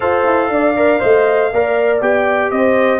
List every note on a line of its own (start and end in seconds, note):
0.00 0.24 F4
0.00 0.75 A4
0.00 0.50 C5
0.00 1.98 F5
0.24 0.49 E4
0.49 0.99 D4
0.49 1.00 D5
0.76 0.99 A#4
0.99 1.52 A3
0.99 1.50 C5
0.99 1.51 D#5
1.52 2.01 A#3
1.52 2.01 A#4
1.52 2.52 D5
2.01 2.51 B3
2.01 2.99 G4
2.01 2.50 G5
2.50 2.99 C4
2.50 2.99 C5
2.50 2.99 D#5